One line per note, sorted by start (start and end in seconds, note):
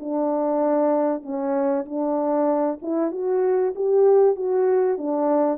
0.00 1.23 D4
1.23 1.85 C#4
1.86 2.79 D4
2.82 3.12 E4
3.12 3.74 F#4
3.76 4.36 G4
4.36 4.98 F#4
4.98 5.58 D4